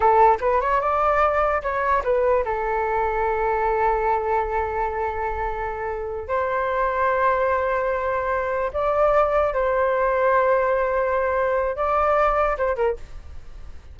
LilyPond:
\new Staff \with { instrumentName = "flute" } { \time 4/4 \tempo 4 = 148 a'4 b'8 cis''8 d''2 | cis''4 b'4 a'2~ | a'1~ | a'2.~ a'8 c''8~ |
c''1~ | c''4. d''2 c''8~ | c''1~ | c''4 d''2 c''8 ais'8 | }